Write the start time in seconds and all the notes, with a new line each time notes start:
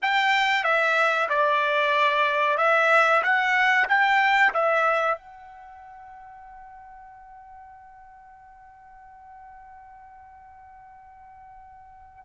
0.02 G5
0.64 E5
1.29 D5
2.57 E5
3.23 F#5
3.88 G5
4.53 E5
5.18 F#5